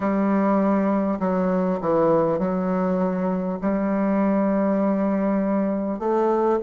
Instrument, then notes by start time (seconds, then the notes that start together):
bassoon
0.00 G3
1.19 F#3
1.80 E3
2.38 F#3
3.61 G3
5.99 A3